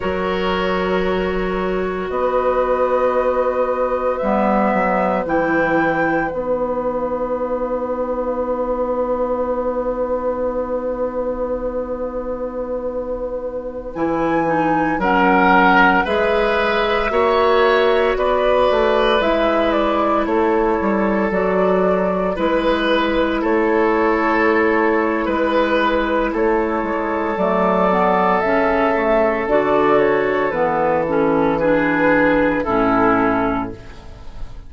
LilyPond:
<<
  \new Staff \with { instrumentName = "flute" } { \time 4/4 \tempo 4 = 57 cis''2 dis''2 | e''4 g''4 fis''2~ | fis''1~ | fis''4~ fis''16 gis''4 fis''4 e''8.~ |
e''4~ e''16 d''4 e''8 d''8 cis''8.~ | cis''16 d''4 b'4 cis''4.~ cis''16 | b'4 cis''4 d''4 e''4 | d''8 cis''8 b'8 a'8 b'4 a'4 | }
  \new Staff \with { instrumentName = "oboe" } { \time 4/4 ais'2 b'2~ | b'1~ | b'1~ | b'2~ b'16 ais'4 b'8.~ |
b'16 cis''4 b'2 a'8.~ | a'4~ a'16 b'4 a'4.~ a'16 | b'4 a'2.~ | a'2 gis'4 e'4 | }
  \new Staff \with { instrumentName = "clarinet" } { \time 4/4 fis'1 | b4 e'4 dis'2~ | dis'1~ | dis'4~ dis'16 e'8 dis'8 cis'4 gis'8.~ |
gis'16 fis'2 e'4.~ e'16~ | e'16 fis'4 e'2~ e'8.~ | e'2 a8 b8 cis'8 a8 | fis'4 b8 cis'8 d'4 cis'4 | }
  \new Staff \with { instrumentName = "bassoon" } { \time 4/4 fis2 b2 | g8 fis8 e4 b2~ | b1~ | b4~ b16 e4 fis4 gis8.~ |
gis16 ais4 b8 a8 gis4 a8 g16~ | g16 fis4 gis4 a4.~ a16 | gis4 a8 gis8 fis4 cis4 | d4 e2 a,4 | }
>>